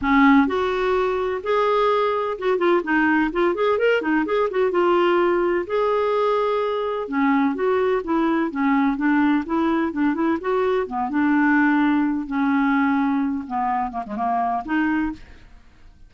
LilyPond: \new Staff \with { instrumentName = "clarinet" } { \time 4/4 \tempo 4 = 127 cis'4 fis'2 gis'4~ | gis'4 fis'8 f'8 dis'4 f'8 gis'8 | ais'8 dis'8 gis'8 fis'8 f'2 | gis'2. cis'4 |
fis'4 e'4 cis'4 d'4 | e'4 d'8 e'8 fis'4 b8 d'8~ | d'2 cis'2~ | cis'8 b4 ais16 gis16 ais4 dis'4 | }